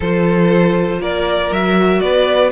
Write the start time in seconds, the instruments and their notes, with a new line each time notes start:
0.00 cello F3, viola F4, violin A4 C5
0.99 cello A#3, violin A#4 D5
1.51 cello F#3, viola F#4, violin E5
2.00 cello B3, violin B4 D5